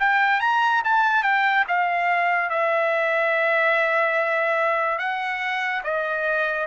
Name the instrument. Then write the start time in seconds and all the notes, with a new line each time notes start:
trumpet
0.00 G5
0.41 A#5
0.84 A5
1.23 G5
1.68 F5
2.50 E5
4.99 F#5
5.84 D#5